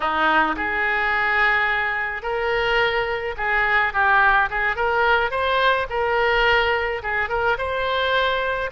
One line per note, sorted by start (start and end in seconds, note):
0.00 0.55 D#4
0.56 2.22 G#4
2.22 3.34 A#4
3.37 3.93 G#4
3.93 4.49 G4
4.49 4.76 G#4
4.76 5.30 A#4
5.30 5.86 C5
5.89 7.01 A#4
7.02 7.29 G#4
7.29 7.57 A#4
7.58 8.70 C5